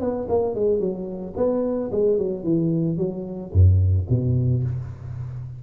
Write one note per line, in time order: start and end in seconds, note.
0.00 0.27 B3
0.28 0.55 A#3
0.55 0.80 G#3
0.80 1.34 F#3
1.36 1.90 B3
1.91 2.17 G#3
2.17 2.43 F#3
2.43 2.97 E3
2.97 3.51 F#3
3.52 4.06 F#2
4.09 4.63 B2